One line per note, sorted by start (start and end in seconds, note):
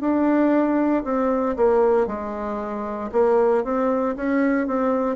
0.00 1.03 D4
1.04 1.56 C4
1.56 2.06 A#3
2.06 3.10 G#3
3.12 3.63 A#3
3.63 4.15 C4
4.16 4.66 C#4
4.66 5.16 C4